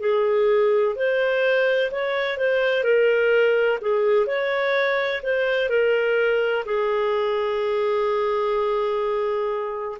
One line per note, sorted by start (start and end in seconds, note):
0.00 0.95 G#4
0.95 1.90 C5
1.91 2.37 C#5
2.37 2.84 C5
2.84 3.79 A#4
3.81 4.26 G#4
4.26 5.21 C#5
5.23 5.69 C5
5.69 6.64 A#4
6.65 9.98 G#4